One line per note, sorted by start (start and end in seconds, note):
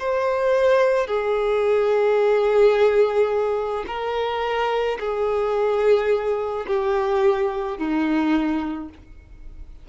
0.00 1.07 C5
1.07 3.85 G#4
3.87 4.98 A#4
5.00 6.67 G#4
6.67 7.78 G4
7.78 8.89 D#4